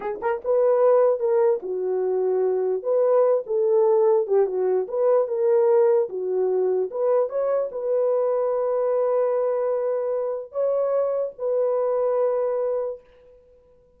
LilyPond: \new Staff \with { instrumentName = "horn" } { \time 4/4 \tempo 4 = 148 gis'8 ais'8 b'2 ais'4 | fis'2. b'4~ | b'8 a'2 g'8 fis'4 | b'4 ais'2 fis'4~ |
fis'4 b'4 cis''4 b'4~ | b'1~ | b'2 cis''2 | b'1 | }